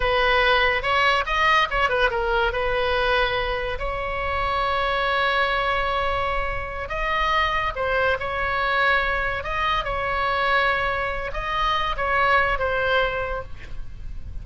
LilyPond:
\new Staff \with { instrumentName = "oboe" } { \time 4/4 \tempo 4 = 143 b'2 cis''4 dis''4 | cis''8 b'8 ais'4 b'2~ | b'4 cis''2.~ | cis''1~ |
cis''8 dis''2 c''4 cis''8~ | cis''2~ cis''8 dis''4 cis''8~ | cis''2. dis''4~ | dis''8 cis''4. c''2 | }